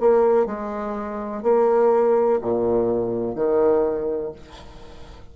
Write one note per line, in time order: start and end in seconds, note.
0.00 0.46 A#3
0.46 1.43 G#3
1.43 2.40 A#3
2.41 3.35 A#2
3.35 4.32 D#3